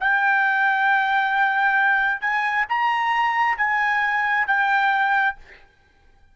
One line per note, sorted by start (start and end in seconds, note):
0.00 2.21 G5
2.21 2.65 G#5
2.69 3.57 A#5
3.57 4.47 G#5
4.47 5.36 G5